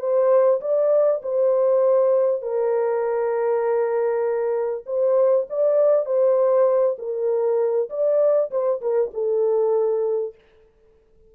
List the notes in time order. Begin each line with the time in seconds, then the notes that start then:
0.00 C5
0.61 D5
1.23 C5
2.43 A#4
4.86 C5
5.50 D5
6.06 C5
6.99 A#4
7.90 D5
8.51 C5
8.82 A#4
9.14 A4